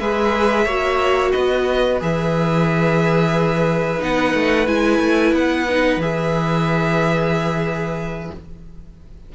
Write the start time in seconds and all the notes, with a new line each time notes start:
0.00 G#3 G#4 B4 E5
0.65 A#3 F#4 C#5
1.32 B3 B4 D#5
2.00 E3 G#4 E5
3.99 B3 D#4 F#5
4.34 A3
4.67 G#3 E4 G#5
4.99 A3
5.32 B3 F#5
5.69 D#4
5.97 E3 G#4 E5